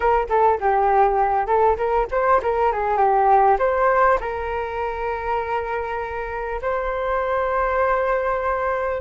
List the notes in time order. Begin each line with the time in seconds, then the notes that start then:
0.00 A#4
0.29 A4
0.60 G4
1.46 A4
1.77 A#4
2.11 C5
2.42 A#4
2.72 G#4
2.97 G4
3.58 C5
4.20 A#4
6.61 C5